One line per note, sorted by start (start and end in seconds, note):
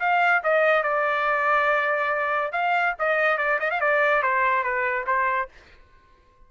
0.00 0.42 F5
0.44 0.83 D#5
0.83 2.52 D5
2.52 2.95 F5
2.99 3.38 D#5
3.38 3.59 D5
3.60 3.70 D#5
3.70 3.81 F5
3.81 4.23 D5
4.23 4.63 C5
4.63 5.06 B4
5.06 5.49 C5